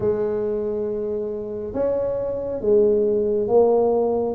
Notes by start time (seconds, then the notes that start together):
0.00 G#3
1.74 C#4
2.60 G#3
3.48 A#3